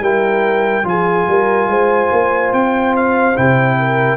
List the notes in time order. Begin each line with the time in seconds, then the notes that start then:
0.00 G3 E4 A#4 G5
0.84 F3 F4 G#4 G#5
1.28 G3 A#4
1.68 G#3 C5
2.12 A#3
2.53 C4 G5
2.97 F5
3.36 C3 E4 G5
3.79 A#4